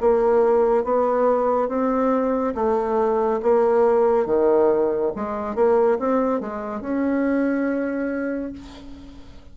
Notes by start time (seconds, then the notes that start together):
0.00 A#3
0.83 B3
1.68 C4
2.54 A3
3.42 A#3
4.25 D#3
5.15 G#3
5.55 A#3
5.98 C4
6.40 G#3
6.81 C#4